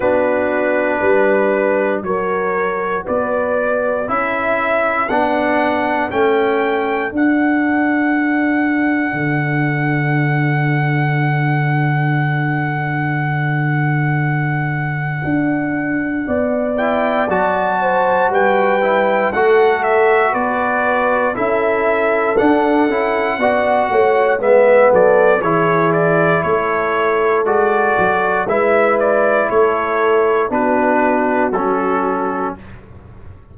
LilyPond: <<
  \new Staff \with { instrumentName = "trumpet" } { \time 4/4 \tempo 4 = 59 b'2 cis''4 d''4 | e''4 fis''4 g''4 fis''4~ | fis''1~ | fis''1~ |
fis''8 g''8 a''4 g''4 fis''8 e''8 | d''4 e''4 fis''2 | e''8 d''8 cis''8 d''8 cis''4 d''4 | e''8 d''8 cis''4 b'4 a'4 | }
  \new Staff \with { instrumentName = "horn" } { \time 4/4 fis'4 b'4 ais'4 b'4 | a'1~ | a'1~ | a'1 |
d''4. c''8 b'4 a'4 | b'4 a'2 d''8 cis''8 | b'8 a'8 gis'4 a'2 | b'4 a'4 fis'2 | }
  \new Staff \with { instrumentName = "trombone" } { \time 4/4 d'2 fis'2 | e'4 d'4 cis'4 d'4~ | d'1~ | d'1~ |
d'8 e'8 fis'4. e'8 fis'4~ | fis'4 e'4 d'8 e'8 fis'4 | b4 e'2 fis'4 | e'2 d'4 cis'4 | }
  \new Staff \with { instrumentName = "tuba" } { \time 4/4 b4 g4 fis4 b4 | cis'4 b4 a4 d'4~ | d'4 d2.~ | d2. d'4 |
b4 fis4 g4 a4 | b4 cis'4 d'8 cis'8 b8 a8 | gis8 fis8 e4 a4 gis8 fis8 | gis4 a4 b4 fis4 | }
>>